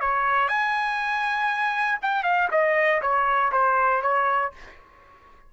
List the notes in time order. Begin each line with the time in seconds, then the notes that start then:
0.00 C#5
0.48 G#5
2.02 G5
2.23 F5
2.51 D#5
3.02 C#5
3.52 C5
4.02 C#5